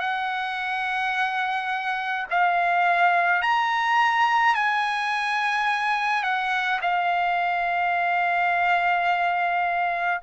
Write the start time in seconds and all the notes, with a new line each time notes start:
0.00 F#5
2.31 F5
3.42 A#5
4.55 G#5
6.23 F#5
6.81 F5